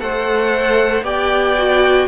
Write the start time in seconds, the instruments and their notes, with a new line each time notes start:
0.00 cello A3, viola A4, violin C5 F#5
1.02 cello B3, viola G4, violin D5 G5
1.58 viola F#4